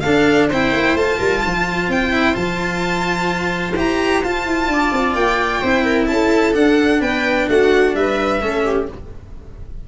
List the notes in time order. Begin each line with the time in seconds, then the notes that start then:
0.00 D4 A4 F5
0.06 D4
0.49 C4 E4 C5 G5
0.72 A#3
0.95 A3 F4 A5
1.17 G3 A#4
1.44 F3 C5
1.88 C4 G5
2.13 E4
2.33 F3 F4 A5
3.76 E4 G4 A#5
4.23 F4 A5
4.45 E4
4.67 D4 D5
4.92 C4
5.14 A#3 G5
5.61 C4 E4 C5
5.84 A#4
6.06 C#4 A4 A5
6.53 D4 F#5
7.00 B3 B4 G5
7.49 A3 F#4 F#5
7.94 G3 B4 E5
8.41 A3 C#4 A4
8.65 G4